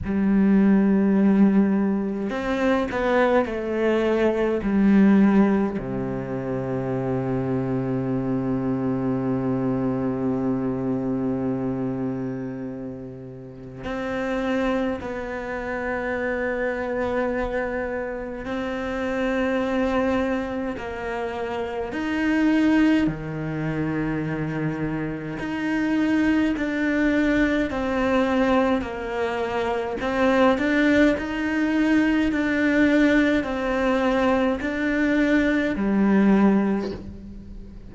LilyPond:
\new Staff \with { instrumentName = "cello" } { \time 4/4 \tempo 4 = 52 g2 c'8 b8 a4 | g4 c2.~ | c1 | c'4 b2. |
c'2 ais4 dis'4 | dis2 dis'4 d'4 | c'4 ais4 c'8 d'8 dis'4 | d'4 c'4 d'4 g4 | }